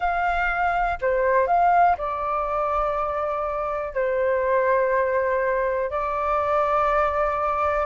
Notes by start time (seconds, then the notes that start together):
0.00 F5
1.01 C5
1.47 F5
1.97 D5
3.93 C5
5.90 D5